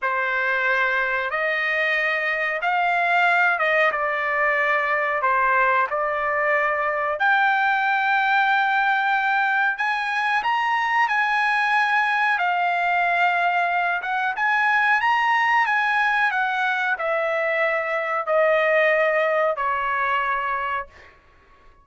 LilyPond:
\new Staff \with { instrumentName = "trumpet" } { \time 4/4 \tempo 4 = 92 c''2 dis''2 | f''4. dis''8 d''2 | c''4 d''2 g''4~ | g''2. gis''4 |
ais''4 gis''2 f''4~ | f''4. fis''8 gis''4 ais''4 | gis''4 fis''4 e''2 | dis''2 cis''2 | }